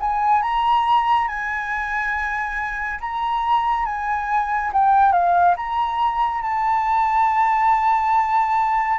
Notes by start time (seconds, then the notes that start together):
0.00 G#5
0.42 A#5
1.28 G#5
3.00 A#5
3.86 G#5
4.73 G5
5.12 F5
5.57 A#5
6.42 A5